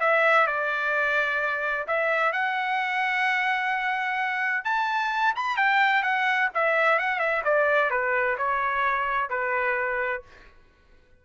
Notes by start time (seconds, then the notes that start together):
0.00 E5
0.47 D5
1.87 E5
2.32 F#5
4.64 A5
5.36 B5
5.57 G5
6.03 F#5
6.54 E5
6.99 F#5
7.19 E5
7.44 D5
7.90 B4
8.38 C#5
9.29 B4